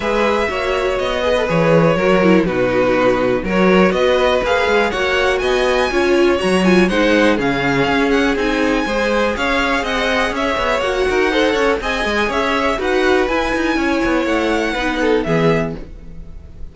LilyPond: <<
  \new Staff \with { instrumentName = "violin" } { \time 4/4 \tempo 4 = 122 e''2 dis''4 cis''4~ | cis''4 b'2 cis''4 | dis''4 f''4 fis''4 gis''4~ | gis''4 ais''8 gis''8 fis''4 f''4~ |
f''8 fis''8 gis''2 f''4 | fis''4 e''4 fis''2 | gis''4 e''4 fis''4 gis''4~ | gis''4 fis''2 e''4 | }
  \new Staff \with { instrumentName = "violin" } { \time 4/4 b'4 cis''4. b'4. | ais'4 fis'2 ais'4 | b'2 cis''4 dis''4 | cis''2 c''4 gis'4~ |
gis'2 c''4 cis''4 | dis''4 cis''4. ais'8 c''8 cis''8 | dis''4 cis''4 b'2 | cis''2 b'8 a'8 gis'4 | }
  \new Staff \with { instrumentName = "viola" } { \time 4/4 gis'4 fis'4. gis'16 a'16 gis'4 | fis'8 e'8 dis'2 fis'4~ | fis'4 gis'4 fis'2 | f'4 fis'8 f'8 dis'4 cis'4~ |
cis'4 dis'4 gis'2~ | gis'2 fis'4 a'4 | gis'2 fis'4 e'4~ | e'2 dis'4 b4 | }
  \new Staff \with { instrumentName = "cello" } { \time 4/4 gis4 ais4 b4 e4 | fis4 b,2 fis4 | b4 ais8 gis8 ais4 b4 | cis'4 fis4 gis4 cis4 |
cis'4 c'4 gis4 cis'4 | c'4 cis'8 b8 ais8 dis'4 cis'8 | c'8 gis8 cis'4 dis'4 e'8 dis'8 | cis'8 b8 a4 b4 e4 | }
>>